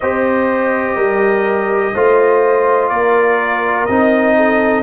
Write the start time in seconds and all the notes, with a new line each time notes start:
0.00 C4 G4 C5 D#5
0.95 G3 A#4
1.94 A3 F4 C5
2.89 A#3 A#4 D5
3.85 C4 D#4 D#5
4.36 A4